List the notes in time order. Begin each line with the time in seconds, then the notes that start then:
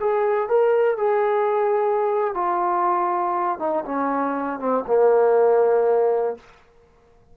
0.00 G#4
0.48 A#4
0.97 G#4
2.34 F4
3.59 D#4
3.85 C#4
4.59 C4
4.87 A#3